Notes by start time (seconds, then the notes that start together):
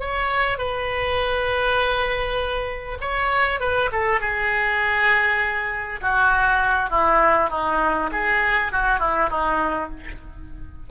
0.00 C#5
0.58 B4
3.01 C#5
3.60 B4
3.92 A4
4.20 G#4
6.01 F#4
6.90 E4
7.50 D#4
8.12 G#4
8.72 F#4
8.99 E4
9.30 D#4